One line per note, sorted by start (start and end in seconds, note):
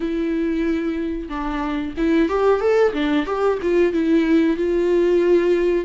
0.00 1.28 E4
1.28 1.94 D4
1.97 2.28 E4
2.28 2.60 G4
2.60 2.93 A4
2.93 3.25 D4
3.25 3.58 G4
3.62 3.92 F4
3.92 4.57 E4
4.57 5.85 F4